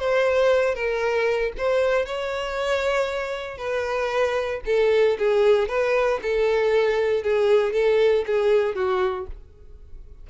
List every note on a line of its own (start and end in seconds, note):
0.00 0.75 C5
0.75 1.53 A#4
1.58 2.06 C5
2.06 3.58 C#5
3.58 4.61 B4
4.66 5.18 A4
5.19 5.69 G#4
5.69 6.20 B4
6.23 7.23 A4
7.23 7.73 G#4
7.73 8.25 A4
8.27 8.76 G#4
8.76 9.27 F#4